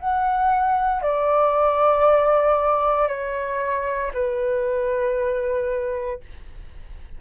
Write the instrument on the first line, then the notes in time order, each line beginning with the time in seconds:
flute
0.00 F#5
1.02 D5
3.08 C#5
4.14 B4